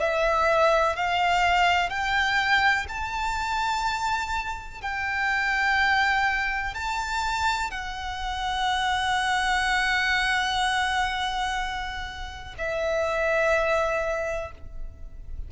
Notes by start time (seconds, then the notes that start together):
0.00 E5
0.96 F5
1.90 G5
2.88 A5
4.81 G5
6.74 A5
7.71 F#5
12.58 E5